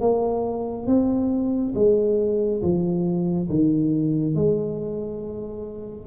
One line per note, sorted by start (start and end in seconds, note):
0.00 0.87 A#3
0.87 1.74 C4
1.75 2.62 G#3
2.62 3.49 F3
3.49 4.35 D#3
4.35 6.07 G#3